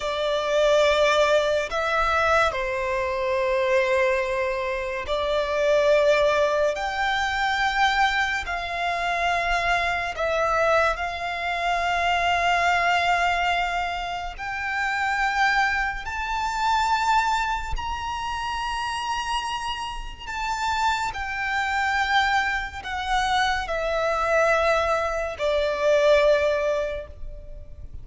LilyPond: \new Staff \with { instrumentName = "violin" } { \time 4/4 \tempo 4 = 71 d''2 e''4 c''4~ | c''2 d''2 | g''2 f''2 | e''4 f''2.~ |
f''4 g''2 a''4~ | a''4 ais''2. | a''4 g''2 fis''4 | e''2 d''2 | }